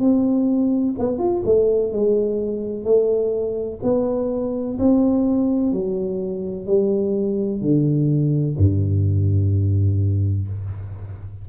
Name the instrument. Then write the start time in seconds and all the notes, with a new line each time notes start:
tuba
0.00 C4
0.99 B3
1.19 F4
1.46 A3
1.93 G#3
2.85 A3
3.83 B3
4.80 C4
5.73 F#3
6.67 G3
7.61 D3
8.58 G2